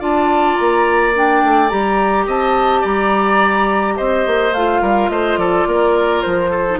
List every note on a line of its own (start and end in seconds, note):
0.00 0.57 D4
0.00 1.13 F4
0.00 2.26 D5
0.00 0.57 A5
0.57 1.44 A#3
0.57 1.13 A#5
1.15 1.70 D4
1.15 1.70 G5
1.44 1.72 A3
1.70 2.27 G3
1.70 4.53 G4
1.70 2.26 A#5
2.27 2.84 C4
2.27 2.81 D#5
2.27 2.86 A5
2.81 3.98 G3
2.81 3.95 D5
2.81 3.97 A#5
3.97 4.27 C4
3.97 4.82 C5
3.97 4.54 D#5
4.27 4.52 A#3
4.52 4.81 A3
4.52 6.69 F4
4.52 5.10 F5
4.82 5.10 G3
4.82 5.10 A#4
5.10 5.37 A3
5.10 5.40 C5
5.10 5.38 D#5
5.37 5.66 F3
5.37 5.68 A4
5.37 6.22 D5
5.67 6.23 A#3
5.67 6.51 A#4
6.22 6.80 F3
6.22 6.79 C5
6.51 6.79 A4
6.70 6.80 D#4